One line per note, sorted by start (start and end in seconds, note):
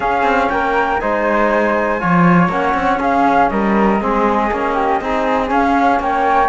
0.00 0.22 C#4
0.00 1.00 C#4
0.00 0.50 G#4
0.00 0.49 F5
0.22 0.47 C4
0.49 1.01 A#3
0.49 1.01 A#4
0.49 0.99 G5
0.99 2.02 G#3
0.99 1.99 D#4
0.99 2.00 C5
0.99 2.49 G#5
1.99 2.48 F3
1.99 2.49 F4
1.99 2.99 C#5
2.48 2.73 A#3
2.48 4.00 C#4
2.48 3.00 F#5
2.73 2.98 C4
2.99 3.50 C#4
2.99 3.49 G#4
2.99 3.49 F5
3.49 4.00 G3
3.49 4.01 A#4
3.49 5.49 D#5
4.00 4.50 G#3
4.00 4.50 C4
4.00 4.74 G#4
4.51 5.00 A#3
4.51 5.02 C#4
4.74 4.99 G4
5.00 5.50 C4
5.00 5.47 D#4
5.00 6.01 G#4
5.47 6.47 C#4
5.47 5.99 C#4
5.47 6.01 F5
5.99 6.49 A#3
5.99 6.49 C#5
5.99 6.49 G5